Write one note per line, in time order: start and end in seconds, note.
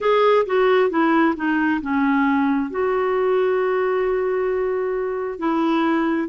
0.00 0.45 G#4
0.46 0.90 F#4
0.90 1.34 E4
1.36 1.80 D#4
1.82 2.70 C#4
2.70 5.39 F#4
5.39 6.28 E4